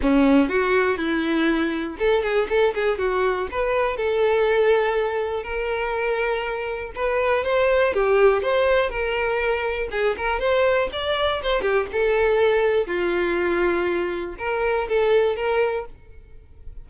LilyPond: \new Staff \with { instrumentName = "violin" } { \time 4/4 \tempo 4 = 121 cis'4 fis'4 e'2 | a'8 gis'8 a'8 gis'8 fis'4 b'4 | a'2. ais'4~ | ais'2 b'4 c''4 |
g'4 c''4 ais'2 | gis'8 ais'8 c''4 d''4 c''8 g'8 | a'2 f'2~ | f'4 ais'4 a'4 ais'4 | }